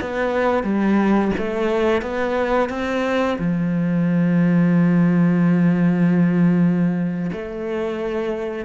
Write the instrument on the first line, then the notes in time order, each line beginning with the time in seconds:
cello
0.00 B3
0.63 G3
1.37 A3
2.01 B3
2.69 C4
3.38 F3
7.32 A3